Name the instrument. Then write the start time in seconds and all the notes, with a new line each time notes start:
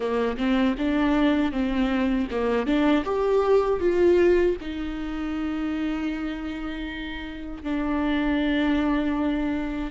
viola
0.00 A#3
0.37 C4
0.78 D4
1.52 C4
2.30 A#3
2.66 D4
3.04 G4
3.80 F4
4.61 D#4
7.63 D4